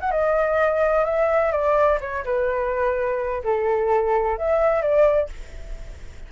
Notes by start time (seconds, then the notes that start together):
0.00 F#5
0.11 D#5
1.05 E5
1.52 D5
2.00 C#5
2.24 B4
3.44 A4
4.38 E5
4.81 D5